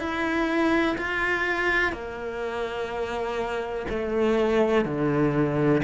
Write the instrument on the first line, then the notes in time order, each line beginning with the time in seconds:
cello
0.00 E4
0.98 F4
1.93 A#3
3.90 A3
4.86 D3